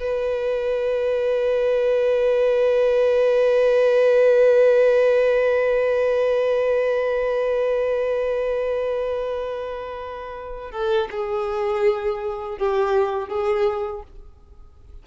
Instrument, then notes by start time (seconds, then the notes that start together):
violin
0.00 B4
10.71 A4
11.11 G#4
12.58 G4
13.29 G#4